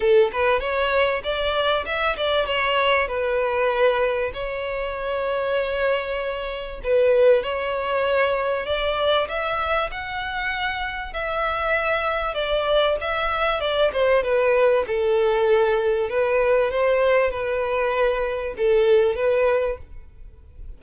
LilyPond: \new Staff \with { instrumentName = "violin" } { \time 4/4 \tempo 4 = 97 a'8 b'8 cis''4 d''4 e''8 d''8 | cis''4 b'2 cis''4~ | cis''2. b'4 | cis''2 d''4 e''4 |
fis''2 e''2 | d''4 e''4 d''8 c''8 b'4 | a'2 b'4 c''4 | b'2 a'4 b'4 | }